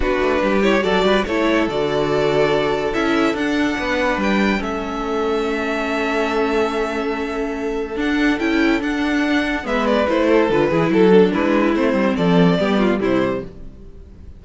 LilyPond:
<<
  \new Staff \with { instrumentName = "violin" } { \time 4/4 \tempo 4 = 143 b'4. cis''8 d''4 cis''4 | d''2. e''4 | fis''2 g''4 e''4~ | e''1~ |
e''2. fis''4 | g''4 fis''2 e''8 d''8 | c''4 b'4 a'4 b'4 | c''4 d''2 c''4 | }
  \new Staff \with { instrumentName = "violin" } { \time 4/4 fis'4 g'4 a'8 b'8 a'4~ | a'1~ | a'4 b'2 a'4~ | a'1~ |
a'1~ | a'2. b'4~ | b'8 a'4 gis'8 a'4 e'4~ | e'4 a'4 g'8 f'8 e'4 | }
  \new Staff \with { instrumentName = "viola" } { \time 4/4 d'4. e'8 fis'4 e'4 | fis'2. e'4 | d'2. cis'4~ | cis'1~ |
cis'2. d'4 | e'4 d'2 b4 | e'4 f'8 e'4 d'4. | c'2 b4 g4 | }
  \new Staff \with { instrumentName = "cello" } { \time 4/4 b8 a8 g4 fis8 g8 a4 | d2. cis'4 | d'4 b4 g4 a4~ | a1~ |
a2. d'4 | cis'4 d'2 gis4 | a4 d8 e8 fis4 gis4 | a8 g8 f4 g4 c4 | }
>>